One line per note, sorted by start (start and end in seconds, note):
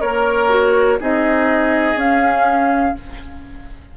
0.00 0.99 A#3
0.00 0.98 A#4
0.00 0.49 A#4
0.00 0.99 C#5
0.49 0.98 F#4
0.99 1.95 C4
0.99 1.96 D#4
0.99 2.96 G#4
0.99 1.99 D#5
1.95 2.93 C#4
1.95 2.94 C#4
1.95 2.97 F5